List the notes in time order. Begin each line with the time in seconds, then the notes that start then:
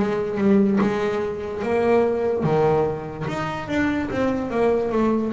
0.00 G#3
0.38 G3
0.81 G#3
1.63 A#3
2.44 D#3
3.28 D#4
3.68 D4
4.11 C4
4.51 A#3
4.92 A3